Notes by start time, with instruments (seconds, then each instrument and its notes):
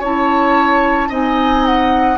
0.00 bassoon C#4, clarinet E4, oboe C#5, flute A5
1.09 bassoon C4, clarinet D#4, oboe D#5, flute G#5
1.66 flute F#5